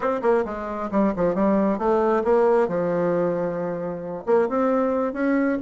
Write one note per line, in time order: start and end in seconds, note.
0.00 0.21 C4
0.22 0.44 A#3
0.45 0.90 G#3
0.91 1.13 G3
1.16 1.34 F3
1.34 1.78 G3
1.78 2.23 A3
2.23 2.67 A#3
2.67 4.24 F3
4.25 4.48 A#3
4.48 5.13 C4
5.13 5.57 C#4